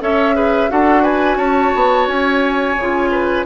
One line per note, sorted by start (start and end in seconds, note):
0.00 0.70 C#4
0.00 0.34 A4
0.00 0.35 C#5
0.00 0.70 E5
0.34 0.69 G#4
0.34 0.70 B4
0.69 1.36 D4
0.69 2.76 F#4
0.69 1.02 A4
0.69 1.03 F#5
1.02 1.37 B4
1.02 1.37 G#5
1.36 1.71 C#4
1.36 3.09 C#5
1.36 2.06 A5
1.75 2.07 B3
2.07 2.76 C#4
2.07 3.45 G#5
2.77 3.46 C#3
2.77 3.46 F4
3.11 3.45 B4